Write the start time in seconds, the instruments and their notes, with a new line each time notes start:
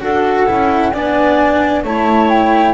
0.00 double bass D4, cello F#4, clarinet A4, flute F#5
0.46 double bass C#4, cello E4
0.91 double bass B3, cello D4, clarinet D5, flute G#5
1.84 double bass A3, cello E4, clarinet C#5, flute A5
2.29 flute G5